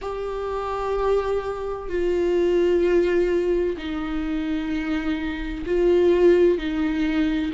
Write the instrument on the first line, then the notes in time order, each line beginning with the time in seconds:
viola
0.01 G4
1.89 F4
3.77 D#4
5.65 F4
6.58 D#4